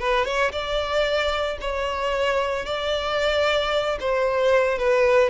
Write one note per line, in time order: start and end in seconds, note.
0.00 0.26 B4
0.26 0.52 C#5
0.52 1.59 D5
1.61 2.66 C#5
2.66 3.99 D5
4.00 4.79 C5
4.79 5.30 B4